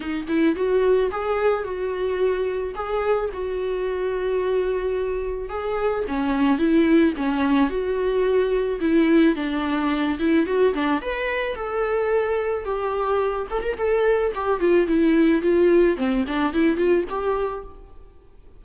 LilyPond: \new Staff \with { instrumentName = "viola" } { \time 4/4 \tempo 4 = 109 dis'8 e'8 fis'4 gis'4 fis'4~ | fis'4 gis'4 fis'2~ | fis'2 gis'4 cis'4 | e'4 cis'4 fis'2 |
e'4 d'4. e'8 fis'8 d'8 | b'4 a'2 g'4~ | g'8 a'16 ais'16 a'4 g'8 f'8 e'4 | f'4 c'8 d'8 e'8 f'8 g'4 | }